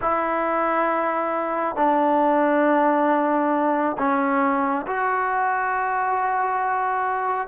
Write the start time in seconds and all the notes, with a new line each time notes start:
0.01 E4
1.76 D4
3.97 C#4
4.86 F#4